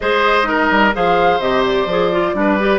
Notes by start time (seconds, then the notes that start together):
0.00 G#3 G#4 C5 D#5
0.43 D#4 A#4
0.70 G3
0.94 F3 G#4 C5 F5
1.39 C3 G4 D#5
1.64 D5
1.85 F3 G#4
2.12 F4
2.33 G3 D4 B4
2.60 G4